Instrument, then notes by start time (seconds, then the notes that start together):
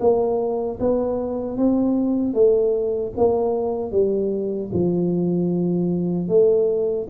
tuba
0.00 A#3
0.80 B3
1.57 C4
2.34 A3
3.17 A#3
3.92 G3
4.73 F3
6.28 A3